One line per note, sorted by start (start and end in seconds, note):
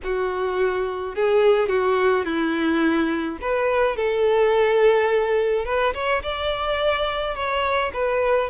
0.03 1.15 F#4
1.15 1.68 G#4
1.68 2.25 F#4
2.25 3.38 E4
3.41 3.96 B4
3.96 5.65 A4
5.65 5.93 B4
5.94 6.22 C#5
6.22 7.35 D5
7.35 7.91 C#5
7.93 8.49 B4